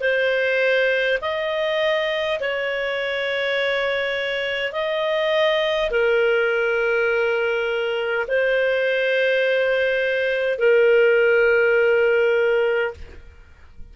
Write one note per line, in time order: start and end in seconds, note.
0.00 1.18 C5
1.21 2.39 D#5
2.40 4.72 C#5
4.72 5.90 D#5
5.90 8.26 A#4
8.27 10.58 C5
10.58 12.94 A#4